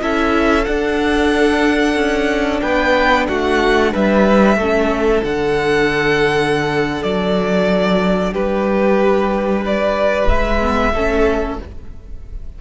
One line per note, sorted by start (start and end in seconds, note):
0.00 0.66 C#4
0.00 0.65 E4
0.00 2.61 A4
0.00 0.65 E5
0.65 4.57 D4
0.65 1.95 D4
0.65 2.60 F#5
1.95 2.60 C#4
2.61 3.28 B3
2.61 3.27 B4
2.61 3.26 G5
3.28 3.94 A3
3.28 3.92 F#4
3.28 3.93 F#5
3.92 4.56 G3
3.92 4.58 B4
3.92 5.24 E5
4.56 5.21 A3
4.56 5.23 C#4
4.56 8.31 A4
5.23 7.03 D3
5.23 10.60 D4
5.23 7.03 F#5
7.03 8.34 F#3
7.03 8.33 D5
8.31 10.29 G3
8.31 9.61 G4
8.31 9.64 B4
9.61 10.92 B4
9.61 10.28 D5
10.28 10.94 G#3
10.28 11.58 E5
10.60 10.93 B3
10.94 11.59 A3
10.94 11.61 C#4
10.94 11.59 A4